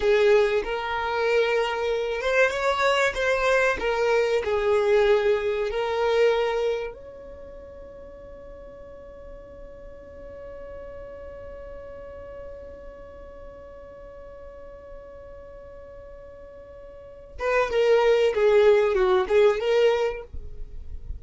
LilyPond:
\new Staff \with { instrumentName = "violin" } { \time 4/4 \tempo 4 = 95 gis'4 ais'2~ ais'8 c''8 | cis''4 c''4 ais'4 gis'4~ | gis'4 ais'2 cis''4~ | cis''1~ |
cis''1~ | cis''1~ | cis''2.~ cis''8 b'8 | ais'4 gis'4 fis'8 gis'8 ais'4 | }